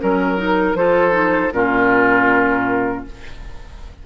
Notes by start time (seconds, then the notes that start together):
0.00 F#3 C#4 A#4
0.37 D#4
0.75 F3 F4 A4 C5
1.11 D#4
1.53 A#2 C#4 F4 A#4